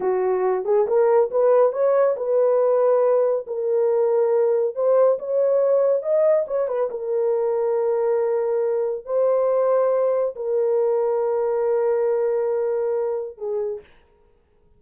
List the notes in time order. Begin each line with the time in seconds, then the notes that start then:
0.00 F#4
0.64 G#4
0.87 A#4
1.30 B4
1.72 C#5
2.16 B4
3.46 A#4
4.75 C5
5.19 C#5
6.02 D#5
6.47 C#5
6.67 B4
6.90 A#4
9.05 C5
10.35 A#4
13.37 G#4